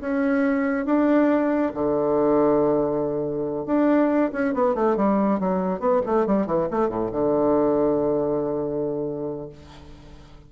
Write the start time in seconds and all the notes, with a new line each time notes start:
0.00 C#4
0.85 D4
1.74 D3
3.66 D4
4.32 C#4
4.54 B3
4.74 A3
4.96 G3
5.39 F#3
5.79 B3
6.06 A3
6.26 G3
6.46 E3
6.70 A3
6.88 A2
7.11 D3